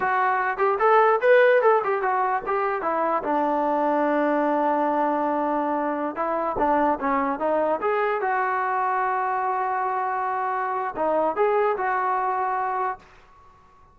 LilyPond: \new Staff \with { instrumentName = "trombone" } { \time 4/4 \tempo 4 = 148 fis'4. g'8 a'4 b'4 | a'8 g'8 fis'4 g'4 e'4 | d'1~ | d'2.~ d'16 e'8.~ |
e'16 d'4 cis'4 dis'4 gis'8.~ | gis'16 fis'2.~ fis'8.~ | fis'2. dis'4 | gis'4 fis'2. | }